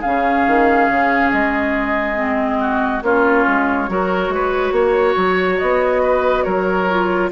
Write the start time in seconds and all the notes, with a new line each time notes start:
0.00 C#3 C#4 G#4 F5
0.47 D#3
0.89 C#3
1.31 G#3 D#5
2.16 C4
2.60 F#4
3.02 A#3 C#4 F4 C#5
3.47 G#3
3.88 F#3 F#4 A#4
4.29 G#3
4.35 B4
4.72 A#3 C#5
5.16 F#3
5.57 B3 D#5
6.03 B4
6.43 F#3 A#4 C#5
6.89 F4